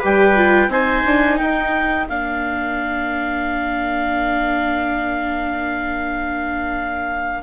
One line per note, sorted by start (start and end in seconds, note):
0.00 0.69 G3
0.00 0.37 G4
0.00 0.69 B4
0.00 0.71 G5
0.37 0.70 F4
0.69 1.03 C4
0.69 2.08 D#4
0.69 1.41 C5
0.69 1.38 G#5
1.06 1.40 D4
1.38 2.09 D#4
1.38 7.43 A#4
1.38 2.07 G5
2.09 7.43 A#3
2.09 7.43 D4
2.09 7.43 F5